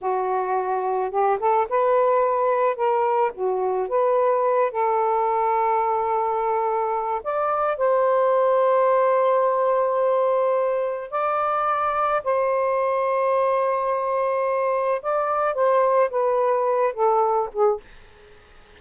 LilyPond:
\new Staff \with { instrumentName = "saxophone" } { \time 4/4 \tempo 4 = 108 fis'2 g'8 a'8 b'4~ | b'4 ais'4 fis'4 b'4~ | b'8 a'2.~ a'8~ | a'4 d''4 c''2~ |
c''1 | d''2 c''2~ | c''2. d''4 | c''4 b'4. a'4 gis'8 | }